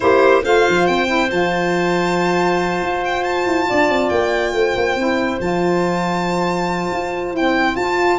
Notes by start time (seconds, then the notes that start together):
0.00 A#3 E4 G4 C5
0.42 A3 F4 C5 F5
0.68 F3
0.86 C4 G5
1.06 E4
1.30 F3 F4 A5
2.82 F4
3.04 G5
3.23 A5
3.46 E4
3.68 D4 D5
3.88 C4
4.09 A#3 G5
4.52 A3 C5
4.75 A#3
4.95 C4 E4
5.39 F3 F4 A5
6.92 F4
7.32 C4 E4 G5
7.75 F4 A5